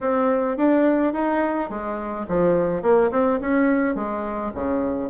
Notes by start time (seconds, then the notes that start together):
0.00 C4
0.57 D4
1.13 D#4
1.69 G#3
2.28 F3
2.82 A#3
3.11 C4
3.40 C#4
3.95 G#3
4.54 C#3